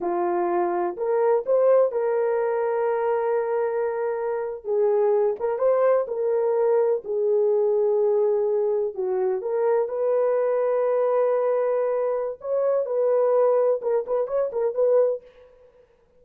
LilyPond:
\new Staff \with { instrumentName = "horn" } { \time 4/4 \tempo 4 = 126 f'2 ais'4 c''4 | ais'1~ | ais'4.~ ais'16 gis'4. ais'8 c''16~ | c''8. ais'2 gis'4~ gis'16~ |
gis'2~ gis'8. fis'4 ais'16~ | ais'8. b'2.~ b'16~ | b'2 cis''4 b'4~ | b'4 ais'8 b'8 cis''8 ais'8 b'4 | }